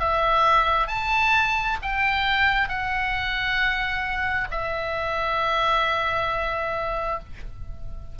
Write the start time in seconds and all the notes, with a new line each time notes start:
0.00 E5
0.88 A5
1.82 G5
2.69 F#5
4.51 E5